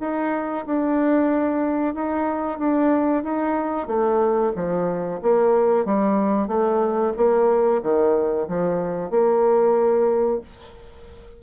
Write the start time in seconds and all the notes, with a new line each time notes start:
0.00 D#4
0.66 D4
1.94 D#4
2.58 D4
3.23 D#4
3.87 A3
4.56 F3
5.22 A#3
5.85 G3
6.48 A3
7.17 A#3
7.82 D#3
8.48 F3
9.11 A#3